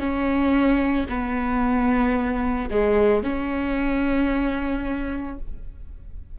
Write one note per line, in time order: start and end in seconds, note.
0.00 1.07 C#4
1.09 2.70 B3
2.71 3.23 G#3
3.23 5.38 C#4